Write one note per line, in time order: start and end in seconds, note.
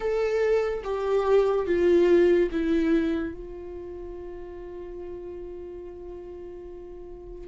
0.00 0.83 A4
0.83 1.66 G4
1.66 2.49 F4
2.51 3.33 E4
3.33 7.48 F4